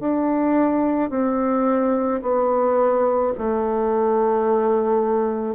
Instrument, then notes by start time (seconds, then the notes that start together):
bassoon
0.00 D4
1.10 C4
2.22 B3
3.38 A3